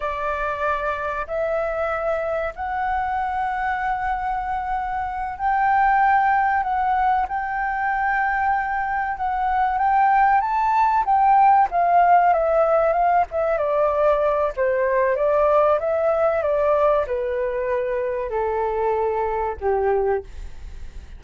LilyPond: \new Staff \with { instrumentName = "flute" } { \time 4/4 \tempo 4 = 95 d''2 e''2 | fis''1~ | fis''8 g''2 fis''4 g''8~ | g''2~ g''8 fis''4 g''8~ |
g''8 a''4 g''4 f''4 e''8~ | e''8 f''8 e''8 d''4. c''4 | d''4 e''4 d''4 b'4~ | b'4 a'2 g'4 | }